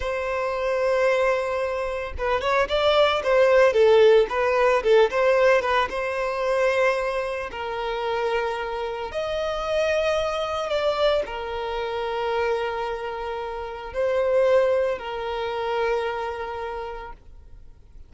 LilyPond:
\new Staff \with { instrumentName = "violin" } { \time 4/4 \tempo 4 = 112 c''1 | b'8 cis''8 d''4 c''4 a'4 | b'4 a'8 c''4 b'8 c''4~ | c''2 ais'2~ |
ais'4 dis''2. | d''4 ais'2.~ | ais'2 c''2 | ais'1 | }